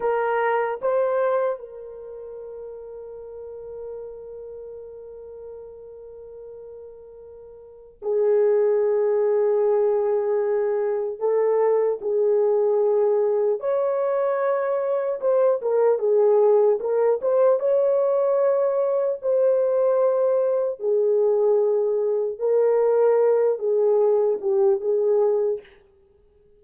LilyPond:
\new Staff \with { instrumentName = "horn" } { \time 4/4 \tempo 4 = 75 ais'4 c''4 ais'2~ | ais'1~ | ais'2 gis'2~ | gis'2 a'4 gis'4~ |
gis'4 cis''2 c''8 ais'8 | gis'4 ais'8 c''8 cis''2 | c''2 gis'2 | ais'4. gis'4 g'8 gis'4 | }